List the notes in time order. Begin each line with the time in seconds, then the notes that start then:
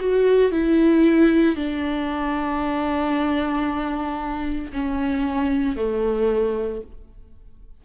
0.00 F#4
0.52 E4
1.56 D4
4.73 C#4
5.77 A3